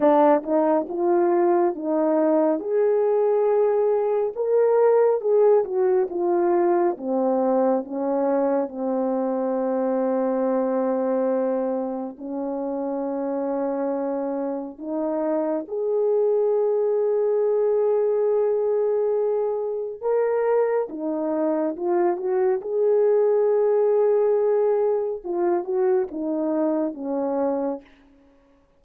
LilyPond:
\new Staff \with { instrumentName = "horn" } { \time 4/4 \tempo 4 = 69 d'8 dis'8 f'4 dis'4 gis'4~ | gis'4 ais'4 gis'8 fis'8 f'4 | c'4 cis'4 c'2~ | c'2 cis'2~ |
cis'4 dis'4 gis'2~ | gis'2. ais'4 | dis'4 f'8 fis'8 gis'2~ | gis'4 f'8 fis'8 dis'4 cis'4 | }